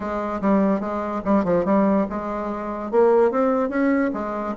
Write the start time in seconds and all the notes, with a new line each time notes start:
0.00 G#3
0.41 G3
0.80 G#3
1.24 G3
1.44 F3
1.65 G3
2.09 G#3
2.91 A#3
3.31 C4
3.69 C#4
4.13 G#3